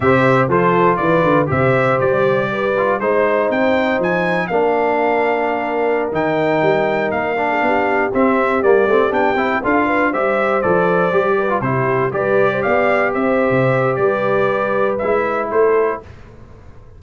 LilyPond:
<<
  \new Staff \with { instrumentName = "trumpet" } { \time 4/4 \tempo 4 = 120 e''4 c''4 d''4 e''4 | d''2 c''4 g''4 | gis''4 f''2.~ | f''16 g''2 f''4.~ f''16~ |
f''16 e''4 d''4 g''4 f''8.~ | f''16 e''4 d''2 c''8.~ | c''16 d''4 f''4 e''4.~ e''16 | d''2 e''4 c''4 | }
  \new Staff \with { instrumentName = "horn" } { \time 4/4 c''4 a'4 b'4 c''4~ | c''4 b'4 c''2~ | c''4 ais'2.~ | ais'2. gis'16 g'8.~ |
g'2.~ g'16 a'8 b'16~ | b'16 c''2~ c''8 b'8 g'8.~ | g'16 b'8. c''16 d''4 c''4.~ c''16 | b'2. a'4 | }
  \new Staff \with { instrumentName = "trombone" } { \time 4/4 g'4 f'2 g'4~ | g'4. f'8 dis'2~ | dis'4 d'2.~ | d'16 dis'2~ dis'8 d'4~ d'16~ |
d'16 c'4 ais8 c'8 d'8 e'8 f'8.~ | f'16 g'4 a'4 g'8. f'16 e'8.~ | e'16 g'2.~ g'8.~ | g'2 e'2 | }
  \new Staff \with { instrumentName = "tuba" } { \time 4/4 c4 f4 e8 d8 c4 | g2 gis4 c'4 | f4 ais2.~ | ais16 dis4 g4 ais4 b8.~ |
b16 c'4 g8 a8 b8 c'8 d'8.~ | d'16 g4 f4 g4 c8.~ | c16 g4 b4 c'8. c4 | g2 gis4 a4 | }
>>